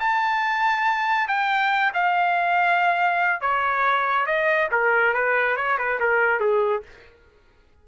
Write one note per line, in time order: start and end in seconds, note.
0.00 1.28 A5
1.28 1.92 G5
1.94 3.41 F5
3.41 4.26 C#5
4.26 4.69 D#5
4.71 5.14 A#4
5.14 5.57 B4
5.57 5.78 C#5
5.78 6.00 B4
6.00 6.40 A#4
6.40 6.83 G#4